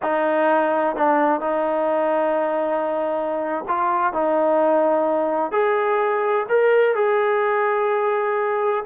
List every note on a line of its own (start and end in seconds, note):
0.02 0.96 D#4
0.96 1.40 D4
1.40 3.64 D#4
3.68 4.13 F4
4.13 5.51 D#4
5.51 6.46 G#4
6.49 6.95 A#4
6.95 8.84 G#4